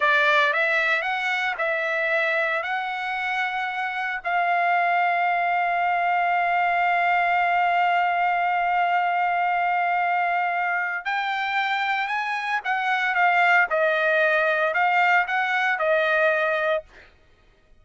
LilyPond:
\new Staff \with { instrumentName = "trumpet" } { \time 4/4 \tempo 4 = 114 d''4 e''4 fis''4 e''4~ | e''4 fis''2. | f''1~ | f''1~ |
f''1~ | f''4 g''2 gis''4 | fis''4 f''4 dis''2 | f''4 fis''4 dis''2 | }